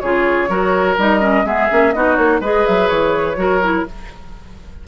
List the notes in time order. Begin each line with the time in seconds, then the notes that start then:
0.00 C#3 F4 G#4 C#5
0.49 F#3 F#4 A#4
0.97 G3 D#4 D#5
1.20 C#4
1.45 G#3 B3 G#4 E5
1.69 A#3 C#4
1.92 B3 D#4 F#4 D#5
2.15 A#3 C#5
2.40 G#3 G#4 B4 D#5
2.66 F#3 E5
2.88 E3 C#5
3.35 F#3 F#4 A#4
3.62 E4